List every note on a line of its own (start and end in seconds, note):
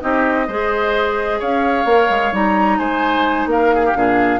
0.00 0.48 C4
0.00 0.47 D#4
0.00 0.47 G4
0.00 1.40 D#5
0.47 1.41 G#3
0.47 1.85 G#4
0.47 1.39 C5
1.39 1.85 C#4
1.39 2.78 C#5
1.39 2.34 F5
1.85 2.08 A#3
1.85 2.32 A#4
2.09 2.32 G#3
2.32 2.78 G3
2.32 3.94 D#4
2.32 2.78 A#5
2.78 3.46 G#3
2.78 3.48 C5
2.78 3.48 G#5
3.46 3.92 A#3
3.46 3.75 A#4
3.46 4.40 F5
3.75 3.85 G#4
3.85 3.97 G4
3.94 4.40 A#2
3.94 4.40 D4
3.94 4.40 G#4